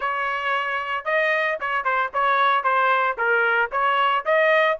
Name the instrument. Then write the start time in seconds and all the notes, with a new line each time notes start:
trumpet
0.00 C#5
1.05 D#5
1.60 C#5
1.84 C5
2.13 C#5
2.63 C5
3.17 A#4
3.71 C#5
4.25 D#5